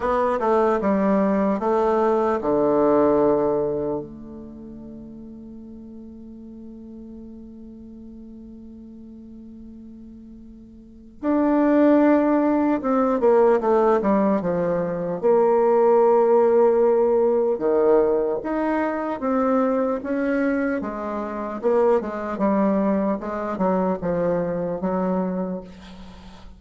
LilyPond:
\new Staff \with { instrumentName = "bassoon" } { \time 4/4 \tempo 4 = 75 b8 a8 g4 a4 d4~ | d4 a2.~ | a1~ | a2 d'2 |
c'8 ais8 a8 g8 f4 ais4~ | ais2 dis4 dis'4 | c'4 cis'4 gis4 ais8 gis8 | g4 gis8 fis8 f4 fis4 | }